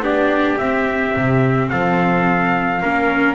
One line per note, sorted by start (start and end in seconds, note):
0.00 0.56 B3
0.00 0.58 D4
0.00 1.70 G4
0.00 0.58 D5
0.58 2.82 C4
0.58 1.16 C4
0.58 1.69 E5
1.16 1.72 C3
1.69 2.83 F3
1.69 2.81 A4
1.69 3.35 F5
2.81 3.35 A#3
2.81 3.35 C#4
2.81 3.35 A#4